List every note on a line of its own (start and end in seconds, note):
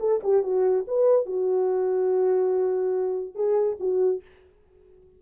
0.00 0.21 A4
0.23 0.43 G4
0.43 0.85 F#4
0.88 1.26 B4
1.26 3.35 F#4
3.35 3.77 G#4
3.80 4.22 F#4